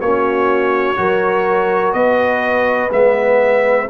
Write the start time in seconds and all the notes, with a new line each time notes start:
0.00 A#3 C#4 F#4 C#5
0.96 F#3 F#4 A#4
1.93 B3 B4 D#5
2.91 G#3 B3 E5